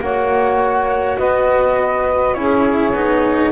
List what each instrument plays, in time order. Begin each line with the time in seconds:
0.00 double bass A#3, cello F#4, saxophone C#5, flute F#5
1.18 double bass B3, saxophone B4, flute D#5
2.33 double bass C#4, cello E4, saxophone G#4, flute C#5
2.92 double bass B3, cello D#4